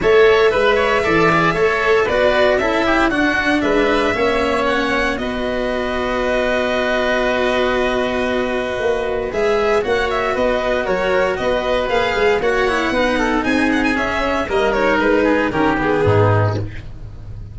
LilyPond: <<
  \new Staff \with { instrumentName = "violin" } { \time 4/4 \tempo 4 = 116 e''1 | d''4 e''4 fis''4 e''4~ | e''4 fis''4 dis''2~ | dis''1~ |
dis''2 e''4 fis''8 e''8 | dis''4 cis''4 dis''4 f''4 | fis''2 gis''8 fis''16 gis''16 e''4 | dis''8 cis''8 b'4 ais'8 gis'4. | }
  \new Staff \with { instrumentName = "oboe" } { \time 4/4 cis''4 b'8 cis''8 d''4 cis''4 | b'4 a'8 g'8 fis'4 b'4 | cis''2 b'2~ | b'1~ |
b'2. cis''4 | b'4 ais'4 b'2 | cis''4 b'8 a'8 gis'2 | ais'4. gis'8 g'4 dis'4 | }
  \new Staff \with { instrumentName = "cello" } { \time 4/4 a'4 b'4 a'8 gis'8 a'4 | fis'4 e'4 d'2 | cis'2 fis'2~ | fis'1~ |
fis'2 gis'4 fis'4~ | fis'2. gis'4 | fis'8 e'8 dis'2 cis'4 | ais8 dis'4. cis'8 b4. | }
  \new Staff \with { instrumentName = "tuba" } { \time 4/4 a4 gis4 e4 a4 | b4 cis'4 d'4 gis4 | ais2 b2~ | b1~ |
b4 ais4 gis4 ais4 | b4 fis4 b4 ais8 gis8 | ais4 b4 c'4 cis'4 | g4 gis4 dis4 gis,4 | }
>>